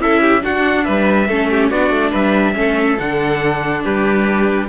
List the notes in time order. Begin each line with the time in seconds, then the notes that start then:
0.00 C#4 E4 A4 E5
0.22 G4
0.42 D4 F#4 F#5
0.85 G3 B4 E5
1.28 A3 C#4 A4
1.50 G4
1.70 B3 D4 F#4 D5
1.91 A3
2.11 G3 B4 E5
2.55 A3 C#4 A4
2.99 D3 D4 F#5
3.84 G3 G4 B4